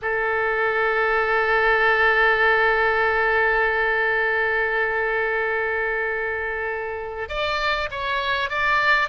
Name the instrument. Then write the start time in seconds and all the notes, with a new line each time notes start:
oboe
0.02 A4
7.28 D5
7.90 C#5
8.49 D5